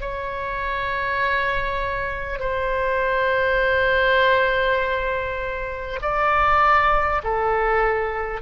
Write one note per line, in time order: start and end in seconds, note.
0.00 2.39 C#5
2.39 5.99 C5
6.02 7.22 D5
7.23 8.41 A4